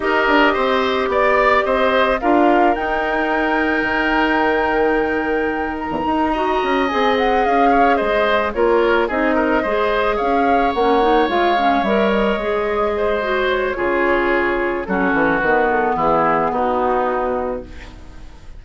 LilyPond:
<<
  \new Staff \with { instrumentName = "flute" } { \time 4/4 \tempo 4 = 109 dis''2 d''4 dis''4 | f''4 g''2.~ | g''2~ g''8 ais''4.~ | ais''8 gis''8 fis''8 f''4 dis''4 cis''8~ |
cis''8 dis''2 f''4 fis''8~ | fis''8 f''4 e''8 dis''2~ | dis''8 cis''2~ cis''8 a'4 | b'8 a'8 gis'4 fis'2 | }
  \new Staff \with { instrumentName = "oboe" } { \time 4/4 ais'4 c''4 d''4 c''4 | ais'1~ | ais'2.~ ais'8 dis''8~ | dis''2 cis''8 c''4 ais'8~ |
ais'8 gis'8 ais'8 c''4 cis''4.~ | cis''2.~ cis''8 c''8~ | c''4 gis'2 fis'4~ | fis'4 e'4 dis'2 | }
  \new Staff \with { instrumentName = "clarinet" } { \time 4/4 g'1 | f'4 dis'2.~ | dis'2.~ dis'8 fis'8~ | fis'8 gis'2. f'8~ |
f'8 dis'4 gis'2 cis'8 | dis'8 f'8 cis'8 ais'4 gis'4. | fis'4 f'2 cis'4 | b1 | }
  \new Staff \with { instrumentName = "bassoon" } { \time 4/4 dis'8 d'8 c'4 b4 c'4 | d'4 dis'2 dis4~ | dis2~ dis8. e,16 dis'4 | cis'8 c'4 cis'4 gis4 ais8~ |
ais8 c'4 gis4 cis'4 ais8~ | ais8 gis4 g4 gis4.~ | gis4 cis2 fis8 e8 | dis4 e4 b2 | }
>>